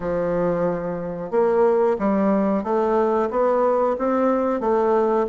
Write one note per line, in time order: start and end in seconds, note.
0.00 1.30 F3
1.30 1.96 A#3
1.98 2.63 G3
2.63 3.29 A3
3.30 3.96 B3
3.98 4.60 C4
4.60 5.26 A3